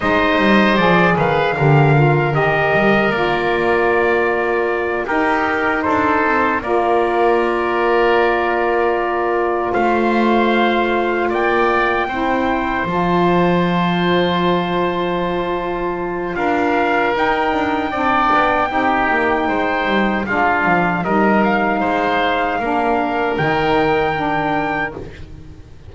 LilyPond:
<<
  \new Staff \with { instrumentName = "trumpet" } { \time 4/4 \tempo 4 = 77 dis''4 d''8 f''4. dis''4 | d''2~ d''8 ais'4 c''8~ | c''8 d''2.~ d''8~ | d''8 f''2 g''4.~ |
g''8 a''2.~ a''8~ | a''4 f''4 g''2~ | g''2 f''4 dis''8 f''8~ | f''2 g''2 | }
  \new Staff \with { instrumentName = "oboe" } { \time 4/4 c''4. b'8 ais'2~ | ais'2~ ais'8 g'4 a'8~ | a'8 ais'2.~ ais'8~ | ais'8 c''2 d''4 c''8~ |
c''1~ | c''4 ais'2 d''4 | g'4 c''4 f'4 ais'4 | c''4 ais'2. | }
  \new Staff \with { instrumentName = "saxophone" } { \time 4/4 dis'4 gis'4 g'8 f'8 g'4 | f'2~ f'8 dis'4.~ | dis'8 f'2.~ f'8~ | f'2.~ f'8 e'8~ |
e'8 f'2.~ f'8~ | f'2 dis'4 d'4 | dis'2 d'4 dis'4~ | dis'4 d'4 dis'4 d'4 | }
  \new Staff \with { instrumentName = "double bass" } { \time 4/4 gis8 g8 f8 dis8 d4 dis8 g8 | ais2~ ais8 dis'4 d'8 | c'8 ais2.~ ais8~ | ais8 a2 ais4 c'8~ |
c'8 f2.~ f8~ | f4 d'4 dis'8 d'8 c'8 b8 | c'8 ais8 gis8 g8 gis8 f8 g4 | gis4 ais4 dis2 | }
>>